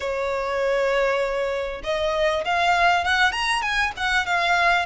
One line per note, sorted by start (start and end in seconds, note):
0.00 1.82 C#5
1.83 2.44 D#5
2.44 3.04 F5
3.04 3.32 F#5
3.32 3.61 A#5
3.61 3.92 G#5
3.96 4.26 F#5
4.26 4.85 F5